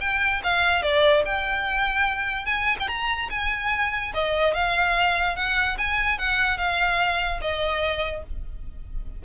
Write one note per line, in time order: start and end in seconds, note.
0.00 0.41 G5
0.43 0.82 F5
0.82 1.23 D5
1.25 2.45 G5
2.45 2.76 G#5
2.79 2.87 G5
2.87 3.29 A#5
3.30 4.12 G#5
4.14 4.53 D#5
4.53 5.36 F5
5.36 5.77 F#5
5.78 6.18 G#5
6.18 6.57 F#5
6.57 7.40 F5
7.41 8.23 D#5